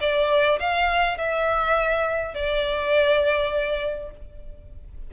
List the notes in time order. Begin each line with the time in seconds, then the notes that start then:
0.00 D5
0.59 F5
1.17 E5
2.34 D5